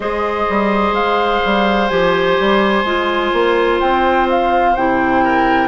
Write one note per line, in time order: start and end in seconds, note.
0.00 0.45 G#3
0.00 1.88 G#4
0.00 5.24 C5
0.00 0.94 D#5
0.49 0.92 G3
0.92 1.39 G#3
0.92 1.88 F5
1.45 1.90 G3
1.88 2.38 F3
1.88 2.85 G4
1.88 3.78 G#5
2.39 2.84 G3
2.84 3.31 G#3
2.84 4.75 F4
3.33 3.80 A#3
3.80 4.75 C4
3.80 4.27 G5
4.29 4.76 F5
4.75 5.68 C3
4.75 5.68 E4
4.75 5.68 G5
5.24 5.68 A#4